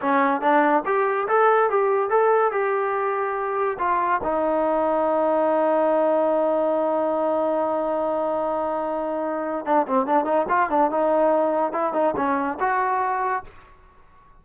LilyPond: \new Staff \with { instrumentName = "trombone" } { \time 4/4 \tempo 4 = 143 cis'4 d'4 g'4 a'4 | g'4 a'4 g'2~ | g'4 f'4 dis'2~ | dis'1~ |
dis'1~ | dis'2. d'8 c'8 | d'8 dis'8 f'8 d'8 dis'2 | e'8 dis'8 cis'4 fis'2 | }